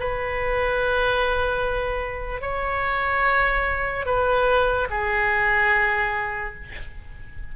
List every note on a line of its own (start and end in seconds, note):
0.00 2.42 B4
2.42 4.06 C#5
4.06 4.88 B4
4.91 6.55 G#4